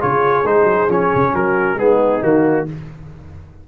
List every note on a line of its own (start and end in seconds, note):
0.00 0.44 C#3
0.00 0.45 F4
0.00 1.33 G#4
0.00 0.46 C#5
0.44 0.64 G#3
0.44 0.89 D#4
0.44 0.91 C5
0.64 0.86 F#3
0.89 1.11 F3
0.89 1.77 C#4
0.89 1.35 C#5
1.15 1.34 C#3
1.34 1.75 F#3
1.34 1.78 F#4
1.34 1.79 A#4
1.75 2.19 G#3
1.75 2.22 B3
1.75 2.67 D#4
1.75 2.23 G#4
2.22 2.68 D#3
2.22 2.66 A#3
2.22 2.68 F#4